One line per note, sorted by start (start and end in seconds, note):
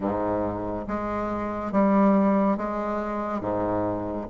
0.00 0.86 G#2
0.87 1.72 G#3
1.72 2.57 G3
2.57 3.41 G#3
3.41 4.26 G#2